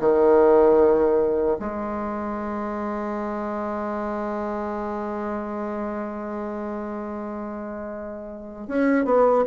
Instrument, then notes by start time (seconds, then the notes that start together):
bassoon
0.00 D#3
1.60 G#3
8.68 C#4
9.05 B3